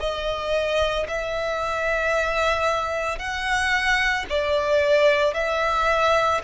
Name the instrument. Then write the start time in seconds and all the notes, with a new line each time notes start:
violin
0.00 D#5
1.08 E5
3.19 F#5
4.30 D5
5.34 E5